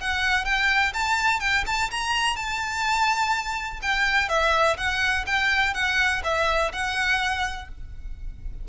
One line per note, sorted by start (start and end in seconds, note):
0.00 0.45 F#5
0.45 0.93 G5
0.93 1.40 A5
1.40 1.64 G5
1.66 1.90 A5
1.90 2.35 A#5
2.35 3.79 A5
3.82 4.28 G5
4.28 4.76 E5
4.77 5.25 F#5
5.26 5.74 G5
5.74 6.22 F#5
6.24 6.72 E5
6.72 7.68 F#5